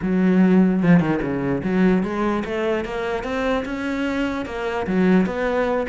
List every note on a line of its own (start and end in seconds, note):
0.02 0.83 F#3
0.83 0.99 F3
0.99 1.20 D#3
1.22 1.62 C#3
1.63 2.03 F#3
2.03 2.43 G#3
2.44 2.85 A3
2.85 3.23 A#3
3.23 3.64 C4
3.65 4.45 C#4
4.45 4.86 A#3
4.86 5.26 F#3
5.26 5.86 B3